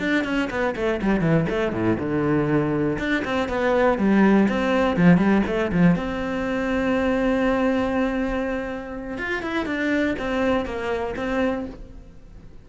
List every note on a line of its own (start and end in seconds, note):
0.00 0.25 D4
0.25 0.50 C#4
0.51 0.76 B3
0.76 1.01 A3
1.02 1.22 G3
1.22 1.47 E3
1.50 1.73 A3
1.73 1.98 A2
2.00 2.99 D3
2.99 3.24 D4
3.25 3.49 C4
3.49 3.98 B3
3.98 4.48 G3
4.49 4.97 C4
4.97 5.18 F3
5.18 5.43 G3
5.47 5.72 A3
5.73 5.96 F3
5.96 9.18 C4
9.18 9.43 F4
9.43 9.66 E4
9.66 10.16 D4
10.19 10.66 C4
10.66 11.15 A#3
11.17 11.66 C4